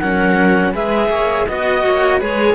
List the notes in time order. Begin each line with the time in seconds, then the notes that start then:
0.00 F#3 C#4 A#4 F#5
0.73 G#3 G#4 B4 E5
1.10 A#3 C#5
1.48 B3 F#4 D#5
1.85 A#3 C#5
2.18 G#3 G#4 B4 C#5